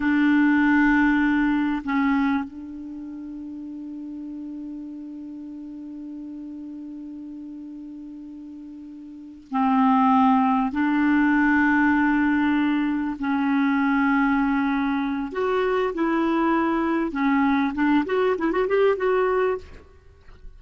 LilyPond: \new Staff \with { instrumentName = "clarinet" } { \time 4/4 \tempo 4 = 98 d'2. cis'4 | d'1~ | d'1~ | d'2.~ d'8 c'8~ |
c'4. d'2~ d'8~ | d'4. cis'2~ cis'8~ | cis'4 fis'4 e'2 | cis'4 d'8 fis'8 e'16 fis'16 g'8 fis'4 | }